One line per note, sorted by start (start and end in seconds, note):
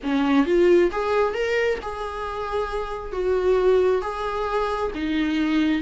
0.03 0.46 C#4
0.46 0.90 F4
0.91 1.34 G#4
1.34 1.78 A#4
1.82 3.12 G#4
3.12 4.01 F#4
4.01 4.91 G#4
4.94 5.81 D#4